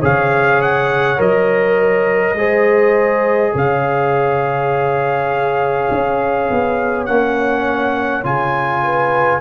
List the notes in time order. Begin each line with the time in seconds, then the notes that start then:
0.00 C#3 G#4 C#5 F5
0.62 F#5
1.17 F#3 A#4 D#5
2.35 G#3 G#4 C5
3.53 C#3 C#5 F5
5.91 C#4
6.50 B3
7.06 A#3 C#4 F#5
8.24 C#3 F4 G#5
8.84 B4